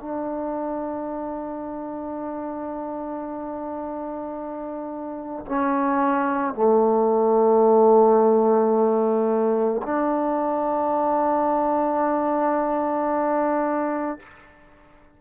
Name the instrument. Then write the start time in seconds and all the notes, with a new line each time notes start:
trombone
0.00 D4
5.46 C#4
6.55 A3
9.83 D4